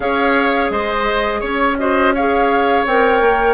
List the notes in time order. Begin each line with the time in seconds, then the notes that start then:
0.00 C#4 G#4 C#5 F5
0.70 G#3 C5 D#5
1.40 C#4 C#5
1.78 F#4 C5 D#5
2.14 G#4 C#5 F5
2.85 C4 A#4 G5
3.21 A#3